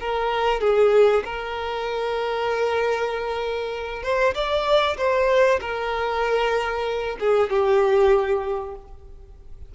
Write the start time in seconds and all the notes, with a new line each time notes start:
0.00 A#4
0.61 G#4
1.24 A#4
4.03 C5
4.34 D5
4.97 C5
5.60 A#4
7.19 G#4
7.49 G4